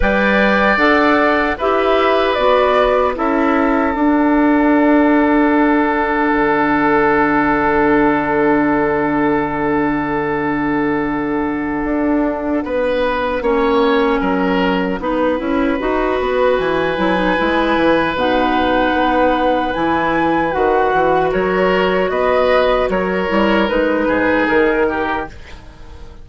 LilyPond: <<
  \new Staff \with { instrumentName = "flute" } { \time 4/4 \tempo 4 = 76 g''4 fis''4 e''4 d''4 | e''4 fis''2.~ | fis''1~ | fis''1~ |
fis''1~ | fis''4 gis''2 fis''4~ | fis''4 gis''4 fis''4 cis''4 | dis''4 cis''4 b'4 ais'4 | }
  \new Staff \with { instrumentName = "oboe" } { \time 4/4 d''2 b'2 | a'1~ | a'1~ | a'1 |
b'4 cis''4 ais'4 b'4~ | b'1~ | b'2. ais'4 | b'4 ais'4. gis'4 g'8 | }
  \new Staff \with { instrumentName = "clarinet" } { \time 4/4 b'4 a'4 g'4 fis'4 | e'4 d'2.~ | d'1~ | d'1~ |
d'4 cis'2 dis'8 e'8 | fis'4. e'16 dis'16 e'4 dis'4~ | dis'4 e'4 fis'2~ | fis'4. e'8 dis'2 | }
  \new Staff \with { instrumentName = "bassoon" } { \time 4/4 g4 d'4 e'4 b4 | cis'4 d'2. | d1~ | d2. d'4 |
b4 ais4 fis4 b8 cis'8 | dis'8 b8 e8 fis8 gis8 e8 b,4 | b4 e4 dis8 e8 fis4 | b4 fis8 g8 gis8 gis,8 dis4 | }
>>